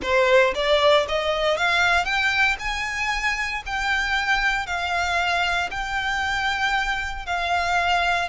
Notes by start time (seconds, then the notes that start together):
0.02 C5
0.54 D5
1.08 D#5
1.57 F5
2.04 G5
2.59 G#5
3.66 G5
4.66 F5
5.70 G5
7.26 F5